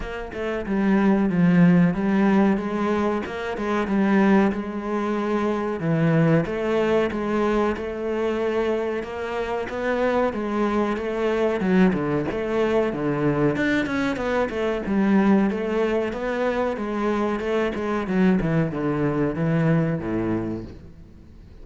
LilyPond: \new Staff \with { instrumentName = "cello" } { \time 4/4 \tempo 4 = 93 ais8 a8 g4 f4 g4 | gis4 ais8 gis8 g4 gis4~ | gis4 e4 a4 gis4 | a2 ais4 b4 |
gis4 a4 fis8 d8 a4 | d4 d'8 cis'8 b8 a8 g4 | a4 b4 gis4 a8 gis8 | fis8 e8 d4 e4 a,4 | }